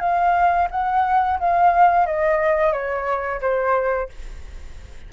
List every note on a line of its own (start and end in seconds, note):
0.00 0.68 F5
0.71 1.39 F#5
1.39 2.06 F5
2.06 2.72 D#5
2.72 3.41 C#5
3.41 4.09 C5